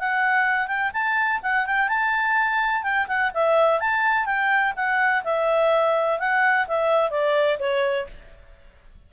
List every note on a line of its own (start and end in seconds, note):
0.00 0.68 F#5
0.68 0.91 G5
0.93 1.41 A5
1.43 1.66 F#5
1.66 1.89 G5
1.89 2.83 A5
2.83 3.07 G5
3.08 3.32 F#5
3.34 3.80 E5
3.80 4.26 A5
4.26 4.74 G5
4.76 5.24 F#5
5.24 6.19 E5
6.19 6.67 F#5
6.68 7.11 E5
7.11 7.58 D5
7.59 8.07 C#5